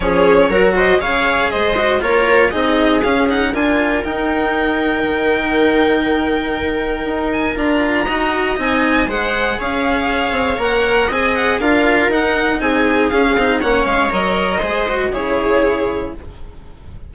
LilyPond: <<
  \new Staff \with { instrumentName = "violin" } { \time 4/4 \tempo 4 = 119 cis''4. dis''8 f''4 dis''4 | cis''4 dis''4 f''8 fis''8 gis''4 | g''1~ | g''2~ g''8 gis''8 ais''4~ |
ais''4 gis''4 fis''4 f''4~ | f''4 fis''4 gis''8 fis''8 f''4 | fis''4 gis''4 f''4 fis''8 f''8 | dis''2 cis''2 | }
  \new Staff \with { instrumentName = "viola" } { \time 4/4 gis'4 ais'8 c''8 cis''4 c''4 | ais'4 gis'2 ais'4~ | ais'1~ | ais'1 |
dis''2 c''4 cis''4~ | cis''2 dis''4 ais'4~ | ais'4 gis'2 cis''4~ | cis''4 c''4 gis'2 | }
  \new Staff \with { instrumentName = "cello" } { \time 4/4 cis'4 fis'4 gis'4. fis'8 | f'4 dis'4 cis'8 dis'8 f'4 | dis'1~ | dis'2. f'4 |
fis'4 dis'4 gis'2~ | gis'4 ais'4 gis'4 f'4 | dis'2 cis'8 dis'8 cis'4 | ais'4 gis'8 fis'8 e'2 | }
  \new Staff \with { instrumentName = "bassoon" } { \time 4/4 f4 fis4 cis4 gis4 | ais4 c'4 cis'4 d'4 | dis'2 dis2~ | dis2 dis'4 d'4 |
dis'4 c'4 gis4 cis'4~ | cis'8 c'8 ais4 c'4 d'4 | dis'4 c'4 cis'8 c'8 ais8 gis8 | fis4 gis4 cis2 | }
>>